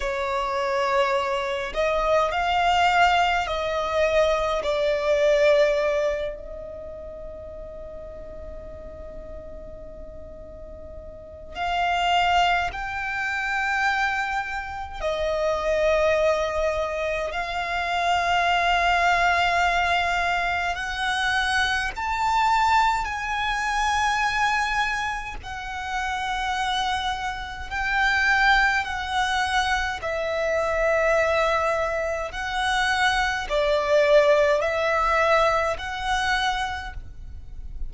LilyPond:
\new Staff \with { instrumentName = "violin" } { \time 4/4 \tempo 4 = 52 cis''4. dis''8 f''4 dis''4 | d''4. dis''2~ dis''8~ | dis''2 f''4 g''4~ | g''4 dis''2 f''4~ |
f''2 fis''4 a''4 | gis''2 fis''2 | g''4 fis''4 e''2 | fis''4 d''4 e''4 fis''4 | }